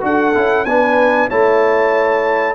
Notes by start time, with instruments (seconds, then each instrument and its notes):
0.00 tuba D4, trombone F#4, horn A4, trumpet F#5
0.34 tuba C#4, trombone E4
0.65 tuba B3, trombone D4, horn B4, trumpet G#5
1.29 tuba A3, trombone E4, horn C#5, trumpet A5